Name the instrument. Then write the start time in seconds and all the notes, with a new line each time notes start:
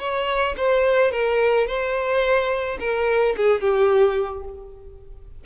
violin
0.00 C#5
0.57 C5
1.12 A#4
1.68 C5
2.80 A#4
3.37 G#4
3.61 G4